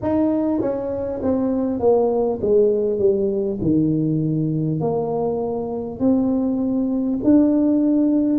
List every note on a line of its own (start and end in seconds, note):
0.02 0.60 D#4
0.60 1.20 C#4
1.22 1.79 C4
1.79 2.39 A#3
2.41 2.98 G#3
2.98 3.58 G3
3.61 4.80 D#3
4.80 5.99 A#3
5.99 7.19 C4
7.23 8.39 D4